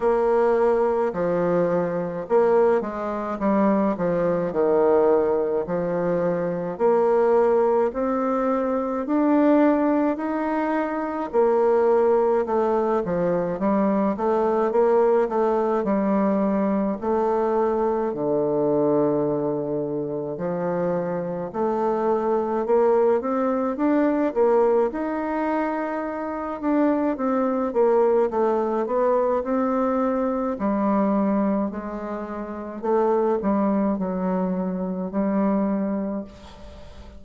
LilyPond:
\new Staff \with { instrumentName = "bassoon" } { \time 4/4 \tempo 4 = 53 ais4 f4 ais8 gis8 g8 f8 | dis4 f4 ais4 c'4 | d'4 dis'4 ais4 a8 f8 | g8 a8 ais8 a8 g4 a4 |
d2 f4 a4 | ais8 c'8 d'8 ais8 dis'4. d'8 | c'8 ais8 a8 b8 c'4 g4 | gis4 a8 g8 fis4 g4 | }